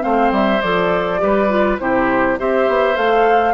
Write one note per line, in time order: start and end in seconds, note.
0.00 0.31 A3
0.00 0.59 C4
0.00 1.21 C5
0.00 0.32 F5
0.31 0.61 G3
0.31 0.61 E5
0.61 1.22 F3
0.61 1.18 A4
0.61 1.79 D5
1.18 1.80 G3
1.18 1.48 G4
1.18 1.81 B4
1.49 1.78 F4
1.79 2.39 C3
1.79 2.38 E4
1.79 2.39 G4
1.79 2.38 C5
2.38 2.68 C4
2.38 2.95 G4
2.38 3.54 C5
2.38 2.97 E5
2.68 2.97 B3
2.95 3.54 A3
2.95 3.54 A4
2.95 3.54 F5